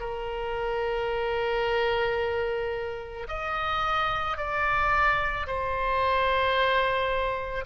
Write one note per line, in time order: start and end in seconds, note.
0.00 3.27 A#4
3.28 4.37 D#5
4.37 5.46 D5
5.46 7.65 C5